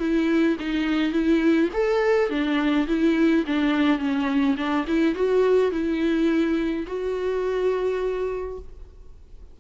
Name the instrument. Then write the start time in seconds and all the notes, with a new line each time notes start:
viola
0.00 E4
0.60 D#4
1.13 E4
1.74 A4
2.30 D4
2.88 E4
3.47 D4
3.99 C#4
4.57 D4
4.88 E4
5.16 F#4
5.72 E4
6.88 F#4